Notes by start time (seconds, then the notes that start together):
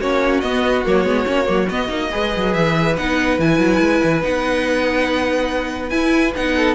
0.00 A#3 C#4 F#4 C#5
0.40 B3 D#5
0.85 F#3 A#3 C#5
1.04 G#3 B3
1.26 A#3 C#4
1.45 F#3 A#3
1.69 B3 D#5
1.88 A#3 D#4
2.10 G#3 G#4 B4
2.36 F#3
2.53 E3 E5
2.97 B3 D#4 F#5
3.38 E3 E4 G#5
3.58 F#3
3.79 G#3
4.03 E3
4.21 B3 D#4 F#5
5.89 E4 G#5
6.35 B3 D#4 F#5
6.56 A4